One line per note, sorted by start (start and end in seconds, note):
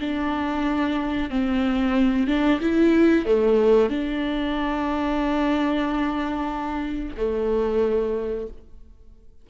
0.00 1.30 D4
1.30 2.27 C4
2.27 2.60 D4
2.60 3.25 E4
3.25 3.90 A3
3.90 7.16 D4
7.17 8.47 A3